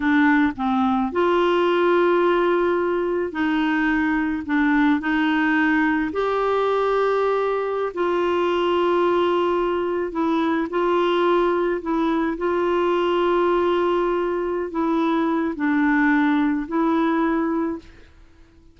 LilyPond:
\new Staff \with { instrumentName = "clarinet" } { \time 4/4 \tempo 4 = 108 d'4 c'4 f'2~ | f'2 dis'2 | d'4 dis'2 g'4~ | g'2~ g'16 f'4.~ f'16~ |
f'2~ f'16 e'4 f'8.~ | f'4~ f'16 e'4 f'4.~ f'16~ | f'2~ f'8 e'4. | d'2 e'2 | }